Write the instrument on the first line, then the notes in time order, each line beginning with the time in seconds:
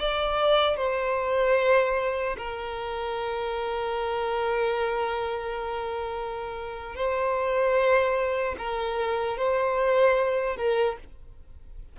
violin
0.00 D5
0.77 C5
2.38 A#4
6.96 C5
8.59 A#4
9.38 C5
10.57 A#4